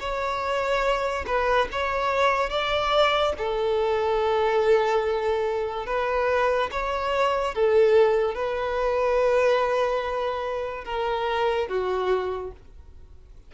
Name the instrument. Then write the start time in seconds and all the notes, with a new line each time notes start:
violin
0.00 C#5
1.27 B4
1.72 C#5
2.50 D5
3.38 A4
5.86 B4
6.72 C#5
7.55 A4
8.35 B4
10.85 A#4
11.69 F#4